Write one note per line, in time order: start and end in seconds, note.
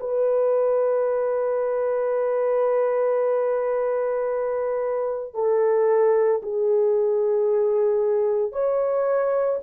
0.00 5.35 B4
5.35 6.42 A4
6.43 8.53 G#4
8.53 9.60 C#5